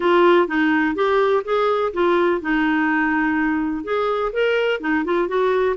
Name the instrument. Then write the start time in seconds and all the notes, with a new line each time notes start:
clarinet
0.00 F4
0.47 D#4
0.95 G4
1.44 G#4
1.93 F4
2.41 D#4
3.84 G#4
4.32 A#4
4.80 D#4
5.04 F4
5.28 F#4